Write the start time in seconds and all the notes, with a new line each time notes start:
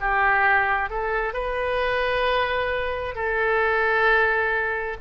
0.00 G4
0.90 A4
1.33 B4
3.15 A4